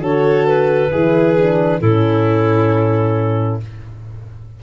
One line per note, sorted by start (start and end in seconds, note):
0.00 0.90 D3
0.00 0.90 F#4
0.00 0.92 A4
0.00 0.46 C#5
0.46 1.81 B4
0.91 1.81 E3
0.91 1.36 E4
0.91 1.80 G#4
1.37 1.82 D4
1.80 3.60 A2
1.80 3.62 C#4
1.80 3.59 E4
1.80 3.60 A4